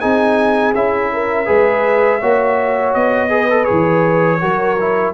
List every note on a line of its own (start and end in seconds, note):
0.00 0.75 C4
0.00 0.73 D#4
0.00 1.11 G#4
0.00 0.73 G#5
0.75 1.48 C#4
0.75 1.46 E4
0.75 2.94 E5
1.13 1.46 A#4
1.46 2.22 G#3
1.46 2.19 G#4
1.46 2.20 B4
2.21 2.95 A#3
2.21 3.29 F#4
2.21 3.30 C#5
2.94 3.68 B3
2.94 3.65 D#5
3.29 3.48 G#4
3.29 4.41 B4
3.50 3.64 A4
3.64 4.42 E3
3.64 4.38 G#4
3.64 5.11 C#5
4.40 5.14 F#3
4.40 4.77 F#4
4.40 5.14 A#4
4.80 5.14 E4